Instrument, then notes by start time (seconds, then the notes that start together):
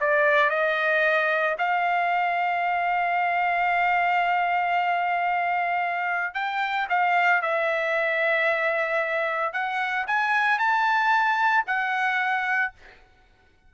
trumpet
0.00 D5
0.49 D#5
1.58 F5
6.34 G5
6.89 F5
7.42 E5
9.52 F#5
10.07 G#5
10.58 A5
11.66 F#5